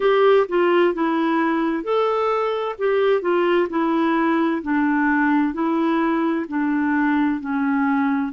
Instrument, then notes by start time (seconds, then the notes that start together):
clarinet
0.00 G4
0.48 F4
0.94 E4
1.83 A4
2.78 G4
3.21 F4
3.69 E4
4.62 D4
5.53 E4
6.48 D4
7.40 C#4